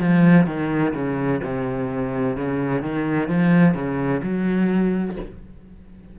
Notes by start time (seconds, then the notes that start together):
0.00 F3
0.46 D#3
0.94 C#3
1.43 C3
2.37 C#3
2.82 D#3
3.29 F3
3.75 C#3
4.23 F#3